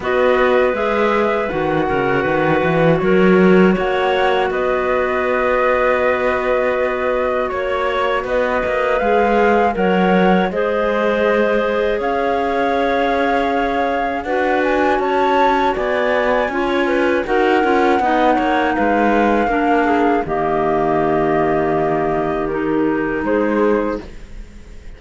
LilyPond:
<<
  \new Staff \with { instrumentName = "flute" } { \time 4/4 \tempo 4 = 80 dis''4 e''4 fis''2 | cis''4 fis''4 dis''2~ | dis''2 cis''4 dis''4 | f''4 fis''4 dis''2 |
f''2. fis''8 gis''8 | a''4 gis''2 fis''4~ | fis''4 f''2 dis''4~ | dis''2 ais'4 c''4 | }
  \new Staff \with { instrumentName = "clarinet" } { \time 4/4 b'2~ b'8 ais'8 b'4 | ais'4 cis''4 b'2~ | b'2 cis''4 b'4~ | b'4 cis''4 c''2 |
cis''2. b'4 | cis''4 d''4 cis''8 b'8 ais'4 | dis''8 cis''8 b'4 ais'8 gis'8 g'4~ | g'2. gis'4 | }
  \new Staff \with { instrumentName = "clarinet" } { \time 4/4 fis'4 gis'4 fis'2~ | fis'1~ | fis'1 | gis'4 ais'4 gis'2~ |
gis'2. fis'4~ | fis'2 f'4 fis'8 f'8 | dis'2 d'4 ais4~ | ais2 dis'2 | }
  \new Staff \with { instrumentName = "cello" } { \time 4/4 b4 gis4 dis8 cis8 dis8 e8 | fis4 ais4 b2~ | b2 ais4 b8 ais8 | gis4 fis4 gis2 |
cis'2. d'4 | cis'4 b4 cis'4 dis'8 cis'8 | b8 ais8 gis4 ais4 dis4~ | dis2. gis4 | }
>>